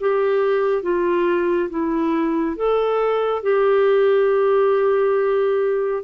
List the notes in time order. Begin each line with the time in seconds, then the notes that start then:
0.00 G4
0.83 F4
1.70 E4
2.57 A4
3.43 G4